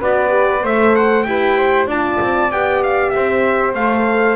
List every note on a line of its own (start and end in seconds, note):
0.00 0.63 B3
0.00 0.29 F#4
0.00 0.62 B4
0.00 0.66 D5
0.29 0.60 G4
0.62 1.26 A3
0.62 1.26 A4
0.62 1.25 C5
0.62 0.96 E5
0.96 1.23 F#5
1.23 1.87 E4
1.23 1.88 G4
1.23 1.57 B4
1.23 1.86 G5
1.57 1.87 C5
1.87 2.18 D4
1.87 2.51 F4
1.87 3.12 D5
1.87 2.52 A5
2.21 2.52 C4
2.52 3.14 B3
2.52 3.76 G4
2.52 2.83 G5
2.83 3.10 F5
3.10 3.75 C4
3.10 4.36 C5
3.10 3.72 E5
3.75 4.36 A3
3.75 4.36 A4
3.75 4.36 F5